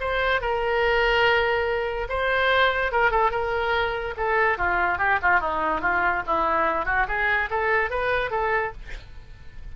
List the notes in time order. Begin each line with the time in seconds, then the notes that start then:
0.00 C5
0.41 A#4
2.09 C5
2.91 A#4
3.11 A4
3.30 A#4
4.17 A4
4.58 F4
4.98 G4
5.22 F4
5.40 D#4
5.81 F4
6.26 E4
6.85 F#4
7.07 G#4
7.50 A4
7.90 B4
8.30 A4